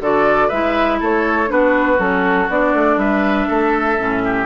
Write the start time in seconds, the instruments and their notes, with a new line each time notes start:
0.00 bassoon D3, clarinet F#4, oboe A4, flute D5
0.48 bassoon G#3, clarinet E4, oboe B4, flute E5
1.00 bassoon A3, oboe A4, flute C#5
1.47 bassoon B3, clarinet D4, oboe F#4, flute B4
1.98 bassoon F#3, clarinet C#4, flute A4
2.49 bassoon B3, clarinet D4, flute D5
2.73 bassoon A3
2.96 bassoon G3, oboe B4, flute E5
3.48 bassoon A3, oboe A4
3.98 bassoon A2, clarinet C#4
4.25 oboe G4